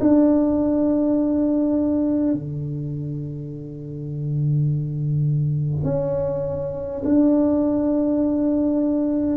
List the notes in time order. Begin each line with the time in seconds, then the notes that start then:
0.00 D4
2.33 D3
5.84 C#4
7.04 D4